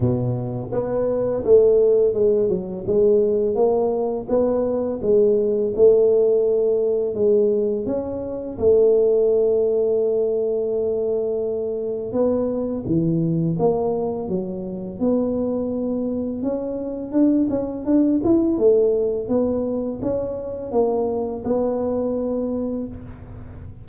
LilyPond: \new Staff \with { instrumentName = "tuba" } { \time 4/4 \tempo 4 = 84 b,4 b4 a4 gis8 fis8 | gis4 ais4 b4 gis4 | a2 gis4 cis'4 | a1~ |
a4 b4 e4 ais4 | fis4 b2 cis'4 | d'8 cis'8 d'8 e'8 a4 b4 | cis'4 ais4 b2 | }